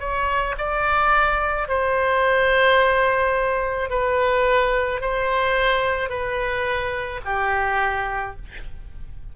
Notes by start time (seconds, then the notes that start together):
0.00 C#5
0.58 D5
1.69 C5
3.90 B4
5.02 C5
6.10 B4
7.25 G4